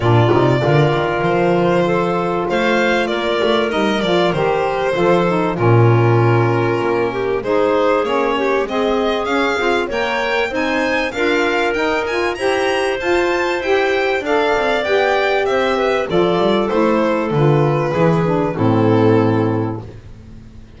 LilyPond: <<
  \new Staff \with { instrumentName = "violin" } { \time 4/4 \tempo 4 = 97 d''2 c''2 | f''4 d''4 dis''8 d''8 c''4~ | c''4 ais'2. | c''4 cis''4 dis''4 f''4 |
g''4 gis''4 f''4 g''8 gis''8 | ais''4 a''4 g''4 f''4 | g''4 e''4 d''4 c''4 | b'2 a'2 | }
  \new Staff \with { instrumentName = "clarinet" } { \time 4/4 f'4 ais'2 a'4 | c''4 ais'2. | a'4 f'2~ f'8 g'8 | gis'4. g'8 gis'2 |
cis''4 c''4 ais'2 | c''2. d''4~ | d''4 c''8 b'8 a'2~ | a'4 gis'4 e'2 | }
  \new Staff \with { instrumentName = "saxophone" } { \time 4/4 d'8 dis'8 f'2.~ | f'2 dis'8 f'8 g'4 | f'8 dis'8 cis'2. | dis'4 cis'4 c'4 cis'8 f'8 |
ais'4 dis'4 f'4 dis'8 f'8 | g'4 f'4 g'4 a'4 | g'2 f'4 e'4 | f'4 e'8 d'8 c'2 | }
  \new Staff \with { instrumentName = "double bass" } { \time 4/4 ais,8 c8 d8 dis8 f2 | a4 ais8 a8 g8 f8 dis4 | f4 ais,2 ais4 | gis4 ais4 gis4 cis'8 c'8 |
ais4 c'4 d'4 dis'4 | e'4 f'4 e'4 d'8 c'8 | b4 c'4 f8 g8 a4 | d4 e4 a,2 | }
>>